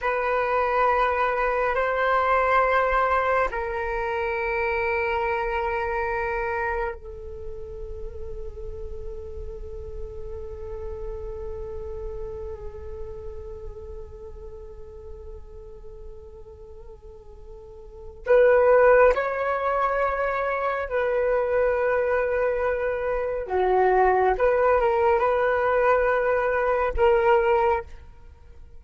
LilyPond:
\new Staff \with { instrumentName = "flute" } { \time 4/4 \tempo 4 = 69 b'2 c''2 | ais'1 | a'1~ | a'1~ |
a'1~ | a'4 b'4 cis''2 | b'2. fis'4 | b'8 ais'8 b'2 ais'4 | }